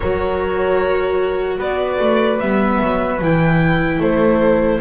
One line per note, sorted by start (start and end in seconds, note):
0.00 1.58 F#3
0.00 2.40 F#4
0.00 1.58 A#4
0.00 1.57 C#5
1.58 1.98 B3
1.58 3.98 B4
1.58 2.40 D5
1.99 2.39 A3
2.40 2.80 G3
2.40 3.20 B3
2.40 3.20 E5
2.81 3.21 F#3
3.21 3.99 E3
3.21 4.80 E4
3.21 4.01 G5
3.99 4.79 A3
3.99 4.80 A4
3.99 4.80 C5